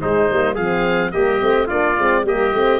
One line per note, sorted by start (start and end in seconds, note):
0.00 0.28 G#3
0.00 0.30 G#3
0.00 0.54 D#4
0.00 0.55 C5
0.29 0.57 G3
0.29 0.57 A#3
0.54 1.13 F3
0.54 1.12 C4
0.54 1.10 G#4
0.54 1.11 F5
1.11 1.41 G3
1.11 1.39 A#3
1.11 1.66 G4
1.11 1.67 D#5
1.39 1.69 A3
1.39 1.67 C4
1.66 1.98 A#3
1.66 1.96 D4
1.66 2.22 F4
1.66 2.25 D5
1.98 2.23 G#3
1.98 2.25 C4
2.23 2.51 G3
2.23 2.53 A#3
2.23 2.80 G4
2.23 2.80 D#5
2.53 2.80 A3
2.53 2.80 C4